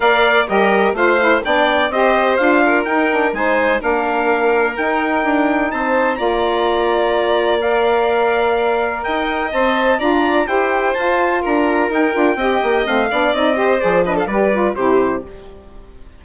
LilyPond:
<<
  \new Staff \with { instrumentName = "trumpet" } { \time 4/4 \tempo 4 = 126 f''4 dis''4 f''4 g''4 | dis''4 f''4 g''4 gis''4 | f''2 g''2 | a''4 ais''2. |
f''2. g''4 | a''4 ais''4 g''4 a''4 | ais''4 g''2 f''4 | dis''4 d''8 dis''16 f''16 d''4 c''4 | }
  \new Staff \with { instrumentName = "violin" } { \time 4/4 d''4 ais'4 c''4 d''4 | c''4. ais'4. c''4 | ais'1 | c''4 d''2.~ |
d''2. dis''4~ | dis''4 d''4 c''2 | ais'2 dis''4. d''8~ | d''8 c''4 b'16 a'16 b'4 g'4 | }
  \new Staff \with { instrumentName = "saxophone" } { \time 4/4 ais'4 g'4 f'8 e'8 d'4 | g'4 f'4 dis'8 d'8 dis'4 | d'2 dis'2~ | dis'4 f'2. |
ais'1 | c''4 f'4 g'4 f'4~ | f'4 dis'8 f'8 g'4 c'8 d'8 | dis'8 g'8 gis'8 d'8 g'8 f'8 e'4 | }
  \new Staff \with { instrumentName = "bassoon" } { \time 4/4 ais4 g4 a4 b4 | c'4 d'4 dis'4 gis4 | ais2 dis'4 d'4 | c'4 ais2.~ |
ais2. dis'4 | c'4 d'4 e'4 f'4 | d'4 dis'8 d'8 c'8 ais8 a8 b8 | c'4 f4 g4 c4 | }
>>